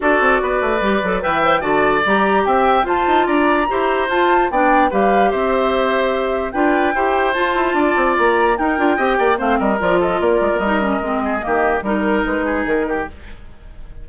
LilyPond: <<
  \new Staff \with { instrumentName = "flute" } { \time 4/4 \tempo 4 = 147 d''2. g''4 | a''4 ais''4 g''4 a''4 | ais''2 a''4 g''4 | f''4 e''2. |
g''2 a''2 | ais''4 g''2 f''8 dis''8 | d''8 dis''8 d''4 dis''2~ | dis''4 ais'4 b'4 ais'4 | }
  \new Staff \with { instrumentName = "oboe" } { \time 4/4 a'4 b'2 e''4 | d''2 e''4 c''4 | d''4 c''2 d''4 | b'4 c''2. |
b'4 c''2 d''4~ | d''4 ais'4 dis''8 d''8 c''8 ais'8~ | ais'8 a'8 ais'2~ ais'8 gis'8 | g'4 ais'4. gis'4 g'8 | }
  \new Staff \with { instrumentName = "clarinet" } { \time 4/4 fis'2 g'8 a'8 b'8 c''8 | fis'4 g'2 f'4~ | f'4 g'4 f'4 d'4 | g'1 |
f'4 g'4 f'2~ | f'4 dis'8 f'8 g'4 c'4 | f'2 dis'8 cis'8 c'4 | ais4 dis'2. | }
  \new Staff \with { instrumentName = "bassoon" } { \time 4/4 d'8 c'8 b8 a8 g8 fis8 e4 | d4 g4 c'4 f'8 dis'8 | d'4 e'4 f'4 b4 | g4 c'2. |
d'4 e'4 f'8 e'8 d'8 c'8 | ais4 dis'8 d'8 c'8 ais8 a8 g8 | f4 ais8 gis16 ais16 g4 gis4 | dis4 g4 gis4 dis4 | }
>>